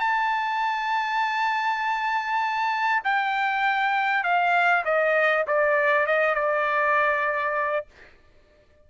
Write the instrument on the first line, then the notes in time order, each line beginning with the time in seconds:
trumpet
0.00 A5
3.04 G5
4.24 F5
4.85 D#5
5.47 D5
6.06 D#5
6.35 D5